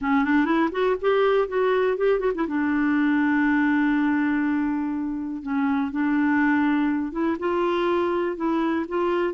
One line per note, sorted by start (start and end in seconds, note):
0.01 0.24 C#4
0.24 0.45 D4
0.45 0.69 E4
0.71 0.96 F#4
1.01 1.48 G4
1.48 1.97 F#4
1.97 2.19 G4
2.19 2.32 F#4
2.35 2.47 E4
2.47 5.42 D4
5.42 5.91 C#4
5.91 7.12 D4
7.12 7.36 E4
7.39 8.36 F4
8.36 8.85 E4
8.88 9.33 F4